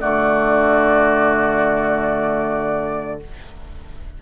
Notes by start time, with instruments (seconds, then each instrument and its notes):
0.00 bassoon D3, clarinet A3, oboe F#4, flute D5